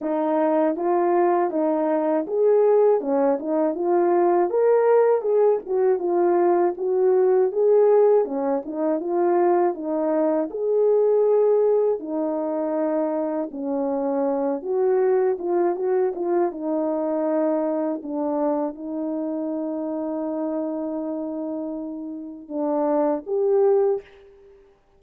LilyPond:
\new Staff \with { instrumentName = "horn" } { \time 4/4 \tempo 4 = 80 dis'4 f'4 dis'4 gis'4 | cis'8 dis'8 f'4 ais'4 gis'8 fis'8 | f'4 fis'4 gis'4 cis'8 dis'8 | f'4 dis'4 gis'2 |
dis'2 cis'4. fis'8~ | fis'8 f'8 fis'8 f'8 dis'2 | d'4 dis'2.~ | dis'2 d'4 g'4 | }